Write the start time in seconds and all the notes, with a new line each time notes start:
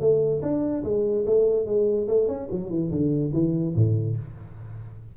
0.00 A3
0.42 D4
0.84 G#3
1.26 A3
1.66 G#3
2.08 A3
2.28 C#4
2.51 F#3
2.70 E3
2.91 D3
3.33 E3
3.75 A2